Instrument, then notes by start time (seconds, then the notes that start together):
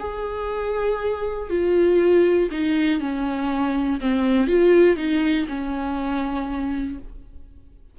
viola
0.00 G#4
1.50 F4
2.52 D#4
3.00 C#4
4.01 C4
4.48 F4
4.97 D#4
5.49 C#4